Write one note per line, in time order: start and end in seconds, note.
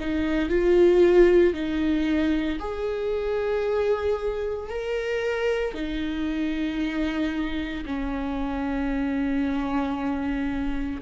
0.00 0.49 D#4
0.49 1.54 F4
1.54 2.59 D#4
2.59 4.69 G#4
4.69 5.74 A#4
5.74 7.84 D#4
7.85 11.01 C#4